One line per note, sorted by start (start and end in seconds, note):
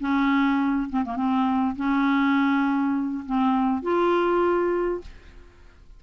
0.00 0.89 C#4
0.89 1.04 C4
1.05 1.16 A#3
1.16 1.75 C4
1.76 3.24 C#4
3.25 3.82 C4
3.82 5.01 F4